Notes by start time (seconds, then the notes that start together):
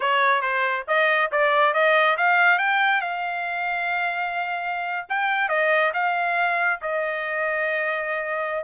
0.00 C#5
0.41 C5
0.87 D#5
1.31 D5
1.73 D#5
2.17 F5
2.58 G5
3.01 F5
5.09 G5
5.49 D#5
5.93 F5
6.81 D#5